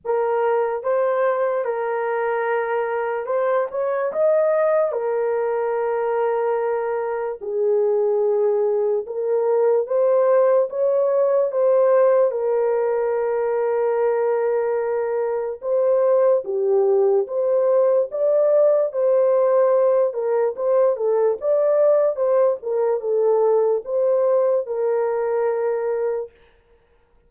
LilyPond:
\new Staff \with { instrumentName = "horn" } { \time 4/4 \tempo 4 = 73 ais'4 c''4 ais'2 | c''8 cis''8 dis''4 ais'2~ | ais'4 gis'2 ais'4 | c''4 cis''4 c''4 ais'4~ |
ais'2. c''4 | g'4 c''4 d''4 c''4~ | c''8 ais'8 c''8 a'8 d''4 c''8 ais'8 | a'4 c''4 ais'2 | }